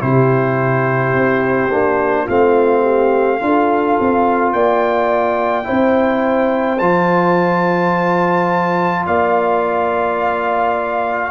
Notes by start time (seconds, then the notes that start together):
0.00 C3 E4 G4 C5
1.13 C4
1.71 A#3 D4
2.25 A3 C4 F4 F5
2.82 G4
3.40 D4 F4 A4
4.00 C4
4.53 A#3 D5 G5
5.64 C4 E4 C5
6.79 F3 F4 A5
9.06 A#3 D5 F5